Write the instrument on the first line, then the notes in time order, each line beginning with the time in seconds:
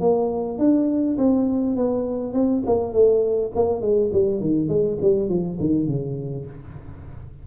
tuba
0.00 A#3
0.59 D4
1.17 C4
1.76 B3
2.33 C4
2.66 A#3
2.93 A3
3.55 A#3
3.81 G#3
4.13 G3
4.41 D#3
4.68 G#3
5.02 G3
5.29 F3
5.60 D#3
5.87 C#3